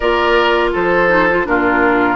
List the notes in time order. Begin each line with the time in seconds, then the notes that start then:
0.00 A#3 F4 A#4 D5
0.73 F3 A4 C5
1.09 D#4
1.30 F4
1.44 A#2 D4 F4 A#4